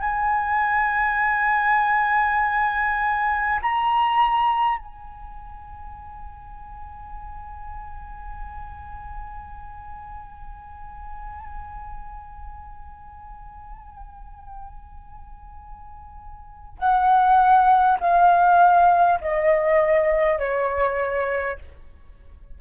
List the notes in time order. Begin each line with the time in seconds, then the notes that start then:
0.00 G#5
3.62 A#5
4.78 G#5
16.78 F#5
17.99 F5
19.21 D#5
20.38 C#5